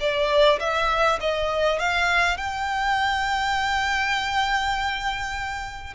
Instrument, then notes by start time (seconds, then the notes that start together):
violin
0.00 D5
0.60 E5
1.20 D#5
1.80 F5
2.38 G5